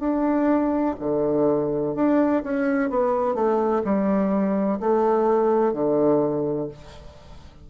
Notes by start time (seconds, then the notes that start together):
0.00 D4
1.00 D3
1.95 D4
2.44 C#4
2.90 B3
3.35 A3
3.84 G3
4.80 A3
5.73 D3